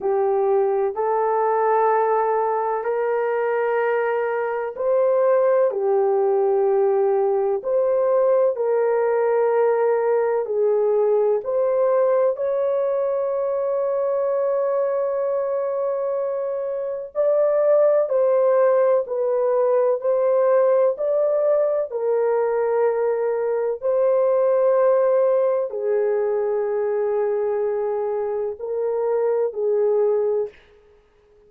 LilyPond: \new Staff \with { instrumentName = "horn" } { \time 4/4 \tempo 4 = 63 g'4 a'2 ais'4~ | ais'4 c''4 g'2 | c''4 ais'2 gis'4 | c''4 cis''2.~ |
cis''2 d''4 c''4 | b'4 c''4 d''4 ais'4~ | ais'4 c''2 gis'4~ | gis'2 ais'4 gis'4 | }